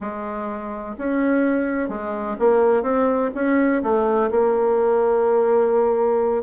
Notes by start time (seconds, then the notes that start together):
0.00 G#3
0.97 C#4
1.88 G#3
2.39 A#3
2.82 C4
3.34 C#4
3.82 A3
4.30 A#3